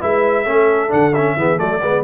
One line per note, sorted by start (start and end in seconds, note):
0.00 0.46 G#3
0.00 0.45 E4
0.00 0.45 B4
0.00 0.92 E5
0.45 0.91 A3
0.45 0.89 C#4
0.45 1.35 A4
0.89 1.36 D3
0.89 1.11 D4
0.89 1.14 F#5
1.14 1.37 C#4
1.14 1.59 E5
1.36 1.58 E3
1.36 1.57 B3
1.36 1.59 G#4
1.57 1.82 F#3
1.57 1.79 A3
1.57 1.81 A4
1.57 2.04 D5
1.81 2.04 G#3
1.81 2.04 B3
1.81 2.04 B4